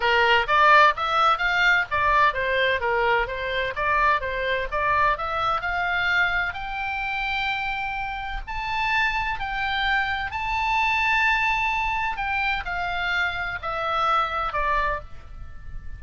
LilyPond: \new Staff \with { instrumentName = "oboe" } { \time 4/4 \tempo 4 = 128 ais'4 d''4 e''4 f''4 | d''4 c''4 ais'4 c''4 | d''4 c''4 d''4 e''4 | f''2 g''2~ |
g''2 a''2 | g''2 a''2~ | a''2 g''4 f''4~ | f''4 e''2 d''4 | }